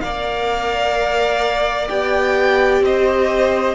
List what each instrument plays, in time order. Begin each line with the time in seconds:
0.00 cello A#3, viola A#4, violin D5 F5
1.88 cello B3, viola G4, violin G5
2.81 cello C4, violin C5 D#5